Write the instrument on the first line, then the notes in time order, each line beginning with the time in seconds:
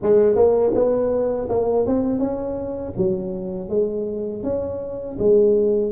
tuba
0.02 G#3
0.35 A#3
0.74 B3
1.49 A#3
1.86 C4
2.19 C#4
2.97 F#3
3.69 G#3
4.43 C#4
5.19 G#3